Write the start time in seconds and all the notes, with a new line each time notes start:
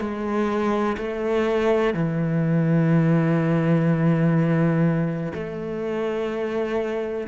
0.00 G#3
0.97 A3
1.94 E3
5.34 A3